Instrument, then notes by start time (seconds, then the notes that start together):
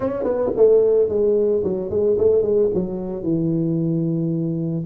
tuba
0.00 C#4
0.23 B3
0.56 A3
1.08 G#3
1.63 F#3
1.90 G#3
2.17 A3
2.42 G#3
2.73 F#3
3.22 E3